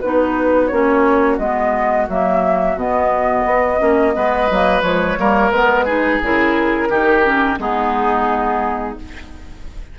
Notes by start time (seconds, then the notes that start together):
0.00 B3 D#4 F#4 B4
0.67 A#3 C#4 C#5
1.38 G#3 B3 D#5
2.08 F#3 A#3 E5
2.75 B2 B3 D#5
3.45 B3
3.79 A#3 C#4
4.14 G#3 B3 B4
4.50 F#3 A#3
4.81 F3 G#3 C#5
5.18 G3 A#3 A#4
5.50 G#3 B3 B4
5.85 D#4 G#4
6.22 C#3 E4 A#4
6.89 D#3 D#4 G4
7.24 C#4
7.58 G#3 B3 D#4 G#4